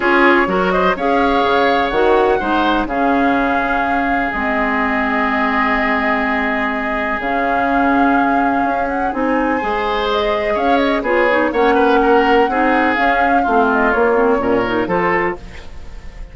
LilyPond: <<
  \new Staff \with { instrumentName = "flute" } { \time 4/4 \tempo 4 = 125 cis''4. dis''8 f''2 | fis''2 f''2~ | f''4 dis''2.~ | dis''2. f''4~ |
f''2~ f''8 fis''8 gis''4~ | gis''4 dis''4 f''8 dis''8 cis''4 | fis''2. f''4~ | f''8 dis''8 cis''2 c''4 | }
  \new Staff \with { instrumentName = "oboe" } { \time 4/4 gis'4 ais'8 c''8 cis''2~ | cis''4 c''4 gis'2~ | gis'1~ | gis'1~ |
gis'1 | c''2 cis''4 gis'4 | cis''8 b'8 ais'4 gis'2 | f'2 ais'4 a'4 | }
  \new Staff \with { instrumentName = "clarinet" } { \time 4/4 f'4 fis'4 gis'2 | fis'4 dis'4 cis'2~ | cis'4 c'2.~ | c'2. cis'4~ |
cis'2. dis'4 | gis'2. f'8 dis'8 | cis'2 dis'4 cis'4 | c'4 ais8 c'8 cis'8 dis'8 f'4 | }
  \new Staff \with { instrumentName = "bassoon" } { \time 4/4 cis'4 fis4 cis'4 cis4 | dis4 gis4 cis2~ | cis4 gis2.~ | gis2. cis4~ |
cis2 cis'4 c'4 | gis2 cis'4 b4 | ais2 c'4 cis'4 | a4 ais4 ais,4 f4 | }
>>